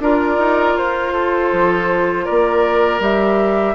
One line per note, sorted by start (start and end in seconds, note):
0.00 0.38 D4
0.00 3.01 F4
0.00 1.13 A#4
0.00 0.77 D5
0.39 0.75 D#4
0.75 1.50 F4
0.75 2.25 C5
1.13 2.26 A4
1.53 2.27 F3
2.25 3.00 A#3
2.25 3.76 A#4
2.25 3.00 D5
3.00 3.75 G3
3.00 3.76 G4
3.00 3.76 E5